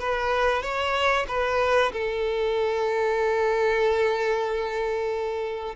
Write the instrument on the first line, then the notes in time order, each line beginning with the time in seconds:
violin
0.00 B4
0.63 C#5
1.28 B4
1.92 A4